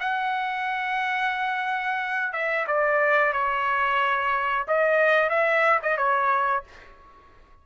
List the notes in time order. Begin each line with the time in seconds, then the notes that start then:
0.00 F#5
2.33 E5
2.67 D5
3.33 C#5
4.68 D#5
5.30 E5
5.82 D#5
5.98 C#5